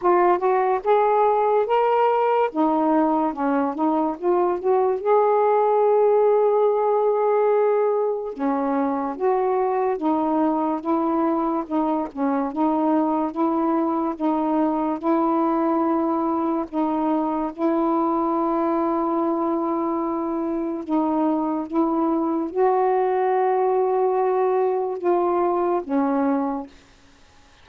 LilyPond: \new Staff \with { instrumentName = "saxophone" } { \time 4/4 \tempo 4 = 72 f'8 fis'8 gis'4 ais'4 dis'4 | cis'8 dis'8 f'8 fis'8 gis'2~ | gis'2 cis'4 fis'4 | dis'4 e'4 dis'8 cis'8 dis'4 |
e'4 dis'4 e'2 | dis'4 e'2.~ | e'4 dis'4 e'4 fis'4~ | fis'2 f'4 cis'4 | }